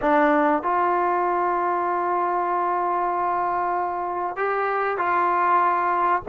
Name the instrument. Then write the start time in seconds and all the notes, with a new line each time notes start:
trombone
0.01 D4
0.62 F4
4.36 G4
4.97 F4